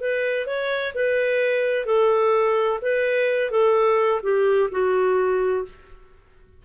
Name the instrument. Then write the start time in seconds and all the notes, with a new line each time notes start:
clarinet
0.00 B4
0.46 C#5
0.94 B4
1.85 A4
2.81 B4
3.51 A4
4.23 G4
4.71 F#4